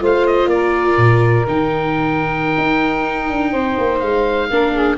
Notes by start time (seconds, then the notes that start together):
0.00 A3 F4 C5 F5
0.27 D#5
0.46 A#3 D5
0.53 A#4
0.98 A#2
1.47 D#3 D#4 G5
2.58 D#4
3.30 D4
3.52 C4 C5
3.78 A#3
4.00 G#3 F5
4.51 A#3 D4 A#4
4.73 G#4